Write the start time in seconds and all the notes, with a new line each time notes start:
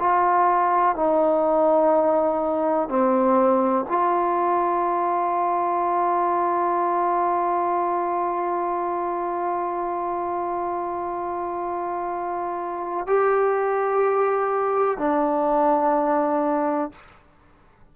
0.00 F4
0.96 D#4
2.89 C4
3.89 F4
13.07 G4
14.98 D4